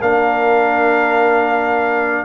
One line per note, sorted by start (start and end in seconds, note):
0.00 2.25 A#3
0.00 2.25 D4
0.00 2.25 A#4
0.00 2.25 F5